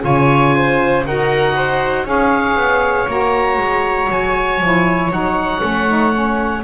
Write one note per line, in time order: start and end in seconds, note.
0.00 1.05 C#3
0.00 1.02 F4
0.00 0.54 C#5
0.00 1.06 G#5
0.54 1.05 C5
1.05 2.05 D#4
1.05 2.05 F#4
1.05 1.55 A#4
1.05 2.07 F#5
1.55 2.06 C5
2.05 2.56 C#4
2.05 3.07 G#4
2.05 6.63 C#5
2.05 3.09 F5
2.56 3.06 B3
3.07 3.57 A#3
3.07 4.60 F#4
3.07 4.11 A#5
3.57 4.08 G#3
4.09 4.60 F#3
4.09 5.12 G#5
4.60 5.10 F3
4.60 5.11 E4
5.10 5.61 F#3
5.10 5.60 D#4
5.10 6.64 F#5
5.60 6.64 A3
5.60 5.86 C#4
5.88 6.12 D#4
6.12 6.63 C#4